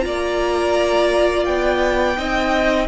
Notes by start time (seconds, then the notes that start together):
0.00 A#3 F4 D5 A#5
1.44 B3 G5
2.16 C4 D#4 D#5